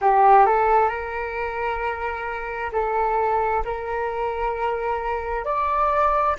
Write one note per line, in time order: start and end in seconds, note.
0.01 0.45 G4
0.45 0.88 A4
0.88 2.70 A#4
2.72 3.63 A4
3.64 5.45 A#4
5.45 6.36 D5